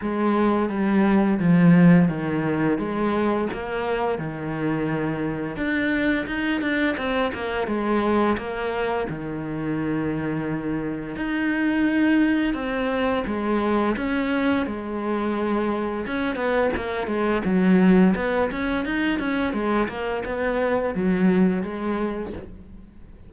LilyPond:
\new Staff \with { instrumentName = "cello" } { \time 4/4 \tempo 4 = 86 gis4 g4 f4 dis4 | gis4 ais4 dis2 | d'4 dis'8 d'8 c'8 ais8 gis4 | ais4 dis2. |
dis'2 c'4 gis4 | cis'4 gis2 cis'8 b8 | ais8 gis8 fis4 b8 cis'8 dis'8 cis'8 | gis8 ais8 b4 fis4 gis4 | }